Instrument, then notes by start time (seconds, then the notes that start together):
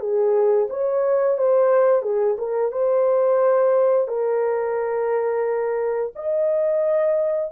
horn
0.00 G#4
0.70 C#5
1.38 C5
2.03 G#4
2.39 A#4
2.72 C5
4.08 A#4
6.15 D#5